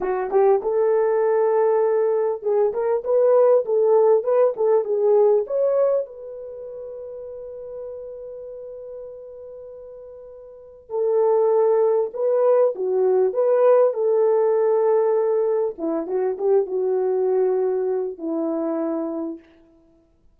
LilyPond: \new Staff \with { instrumentName = "horn" } { \time 4/4 \tempo 4 = 99 fis'8 g'8 a'2. | gis'8 ais'8 b'4 a'4 b'8 a'8 | gis'4 cis''4 b'2~ | b'1~ |
b'2 a'2 | b'4 fis'4 b'4 a'4~ | a'2 e'8 fis'8 g'8 fis'8~ | fis'2 e'2 | }